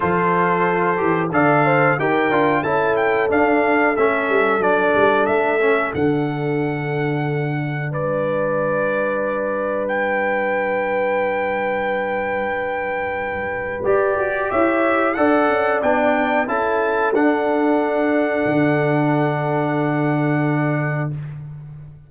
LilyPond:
<<
  \new Staff \with { instrumentName = "trumpet" } { \time 4/4 \tempo 4 = 91 c''2 f''4 g''4 | a''8 g''8 f''4 e''4 d''4 | e''4 fis''2. | d''2. g''4~ |
g''1~ | g''4 d''4 e''4 fis''4 | g''4 a''4 fis''2~ | fis''1 | }
  \new Staff \with { instrumentName = "horn" } { \time 4/4 a'2 d''8 c''8 ais'4 | a'1~ | a'1 | b'1~ |
b'1~ | b'2 cis''4 d''4~ | d''4 a'2.~ | a'1 | }
  \new Staff \with { instrumentName = "trombone" } { \time 4/4 f'4. g'8 a'4 g'8 f'8 | e'4 d'4 cis'4 d'4~ | d'8 cis'8 d'2.~ | d'1~ |
d'1~ | d'4 g'2 a'4 | d'4 e'4 d'2~ | d'1 | }
  \new Staff \with { instrumentName = "tuba" } { \time 4/4 f4. e8 d4 dis'8 d'8 | cis'4 d'4 a8 g8 fis8 g8 | a4 d2. | g1~ |
g1~ | g4 g'8 fis'8 e'4 d'8 cis'8 | b4 cis'4 d'2 | d1 | }
>>